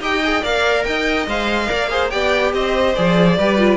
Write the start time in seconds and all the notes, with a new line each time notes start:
0.00 D#4 G4 D#5 G5
0.23 G#4
0.41 A#3 A#4 D5 F5
0.84 D#4 D#5 G5
1.26 G#3 C5 F5
1.67 A#3 A#4 D5
1.89 G#4 C5
2.10 B3 G4 D5 G5
2.52 C4 C5 D#5
2.95 F3 G#4 D5
3.37 G3 G4 B4
3.58 F4